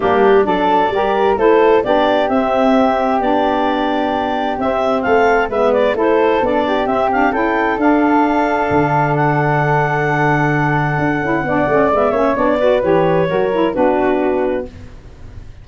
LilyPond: <<
  \new Staff \with { instrumentName = "clarinet" } { \time 4/4 \tempo 4 = 131 g'4 d''2 c''4 | d''4 e''2 d''4~ | d''2 e''4 f''4 | e''8 d''8 c''4 d''4 e''8 f''8 |
g''4 f''2. | fis''1~ | fis''2 e''4 d''4 | cis''2 b'2 | }
  \new Staff \with { instrumentName = "flute" } { \time 4/4 d'4 a'4 ais'4 a'4 | g'1~ | g'2. a'4 | b'4 a'4. g'4. |
a'1~ | a'1~ | a'4 d''4. cis''4 b'8~ | b'4 ais'4 fis'2 | }
  \new Staff \with { instrumentName = "saxophone" } { \time 4/4 ais4 d'4 g'4 e'4 | d'4 c'2 d'4~ | d'2 c'2 | b4 e'4 d'4 c'8 d'8 |
e'4 d'2.~ | d'1~ | d'8 e'8 d'8 cis'8 b8 cis'8 d'8 fis'8 | g'4 fis'8 e'8 d'2 | }
  \new Staff \with { instrumentName = "tuba" } { \time 4/4 g4 fis4 g4 a4 | b4 c'2 b4~ | b2 c'4 a4 | gis4 a4 b4 c'4 |
cis'4 d'2 d4~ | d1 | d'8 cis'8 b8 a8 gis8 ais8 b4 | e4 fis4 b2 | }
>>